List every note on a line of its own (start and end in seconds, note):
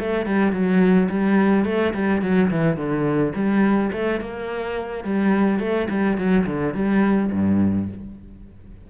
0.00 0.26 A3
0.26 0.52 G3
0.52 1.09 F#3
1.10 1.65 G3
1.65 1.93 A3
1.94 2.22 G3
2.22 2.50 F#3
2.51 2.77 E3
2.77 3.33 D3
3.35 3.92 G3
3.93 4.21 A3
4.21 5.04 A#3
5.04 5.60 G3
5.60 5.88 A3
5.90 6.18 G3
6.18 6.46 F#3
6.46 6.74 D3
6.74 7.31 G3
7.32 7.89 G2